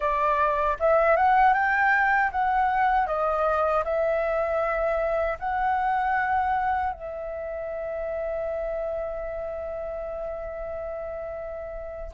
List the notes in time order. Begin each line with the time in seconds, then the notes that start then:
0.00 D5
0.79 E5
1.16 F#5
1.53 G5
2.31 F#5
3.06 D#5
3.84 E5
5.39 F#5
6.92 E5